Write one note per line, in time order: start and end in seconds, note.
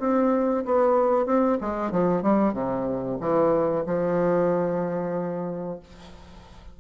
0.00 0.65 C4
0.65 1.26 B3
1.26 1.58 C4
1.61 1.91 G#3
1.91 2.23 F3
2.23 2.54 G3
2.54 3.18 C3
3.21 3.85 E3
3.87 5.80 F3